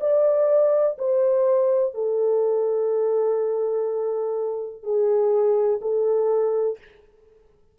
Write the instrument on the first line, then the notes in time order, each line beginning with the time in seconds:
horn
0.00 D5
0.98 C5
1.94 A4
4.83 G#4
5.81 A4